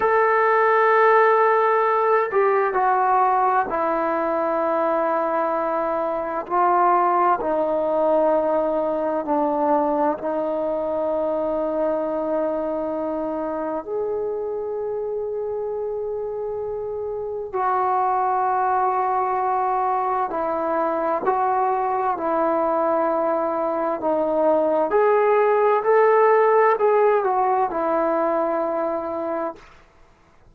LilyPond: \new Staff \with { instrumentName = "trombone" } { \time 4/4 \tempo 4 = 65 a'2~ a'8 g'8 fis'4 | e'2. f'4 | dis'2 d'4 dis'4~ | dis'2. gis'4~ |
gis'2. fis'4~ | fis'2 e'4 fis'4 | e'2 dis'4 gis'4 | a'4 gis'8 fis'8 e'2 | }